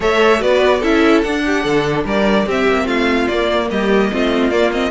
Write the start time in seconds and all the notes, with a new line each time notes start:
0.00 A3 A4 C#5 E5
0.39 B3 F#4 B4 D5
0.79 C#4 E4 A4 E5
1.21 D4 F#5
1.45 G4
1.63 D3 A4
2.04 G3 A#4 D5
2.45 C4 G4 E5
2.67 A#3
2.85 A3 F4 F5
3.27 A#3 D5
3.70 G3 G4 D#5
4.11 A3 C4 F4
4.50 A#3 D5
4.72 C4 D#5